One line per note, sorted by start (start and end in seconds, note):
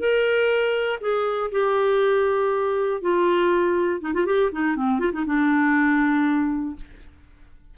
0.00 1.00 A#4
1.01 1.51 G#4
1.52 3.02 G4
3.02 4.01 F4
4.01 4.14 D#4
4.14 4.26 F4
4.26 4.51 G4
4.52 4.77 D#4
4.77 5.00 C4
5.00 5.12 F4
5.13 5.25 D#4
5.26 6.76 D4